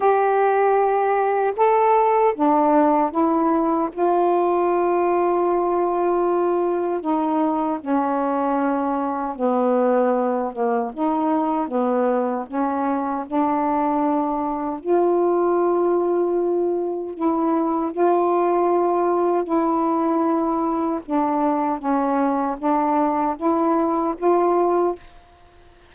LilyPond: \new Staff \with { instrumentName = "saxophone" } { \time 4/4 \tempo 4 = 77 g'2 a'4 d'4 | e'4 f'2.~ | f'4 dis'4 cis'2 | b4. ais8 dis'4 b4 |
cis'4 d'2 f'4~ | f'2 e'4 f'4~ | f'4 e'2 d'4 | cis'4 d'4 e'4 f'4 | }